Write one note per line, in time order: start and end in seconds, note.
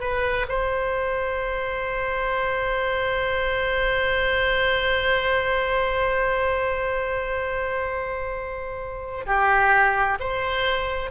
0.00 0.46 B4
0.48 9.25 C5
9.26 10.18 G4
10.19 11.10 C5